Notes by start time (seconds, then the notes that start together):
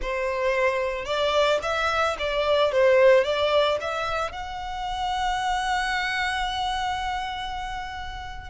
0.01 C5
1.05 D5
1.62 E5
2.19 D5
2.72 C5
3.24 D5
3.80 E5
4.32 F#5